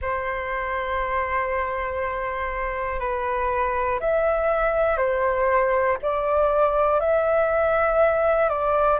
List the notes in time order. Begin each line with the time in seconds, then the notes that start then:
0.01 C5
2.99 B4
4.00 E5
4.97 C5
6.02 D5
7.00 E5
8.49 D5